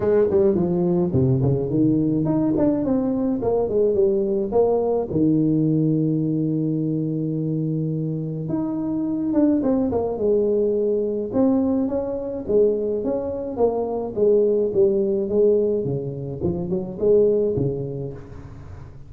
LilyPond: \new Staff \with { instrumentName = "tuba" } { \time 4/4 \tempo 4 = 106 gis8 g8 f4 c8 cis8 dis4 | dis'8 d'8 c'4 ais8 gis8 g4 | ais4 dis2.~ | dis2. dis'4~ |
dis'8 d'8 c'8 ais8 gis2 | c'4 cis'4 gis4 cis'4 | ais4 gis4 g4 gis4 | cis4 f8 fis8 gis4 cis4 | }